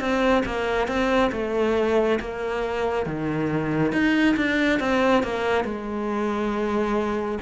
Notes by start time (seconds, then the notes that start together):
0.00 C4
0.46 A#3
0.87 C4
1.32 A3
2.20 A#3
3.06 D#3
3.92 D#4
4.36 D4
4.79 C4
5.23 A#3
5.64 G#3